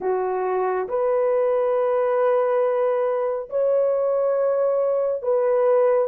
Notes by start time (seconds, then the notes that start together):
0.00 F#4
0.88 B4
3.49 C#5
5.22 B4